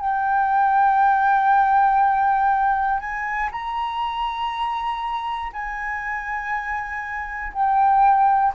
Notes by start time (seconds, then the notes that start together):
0.00 G5
3.00 G#5
3.52 A#5
5.53 G#5
7.53 G5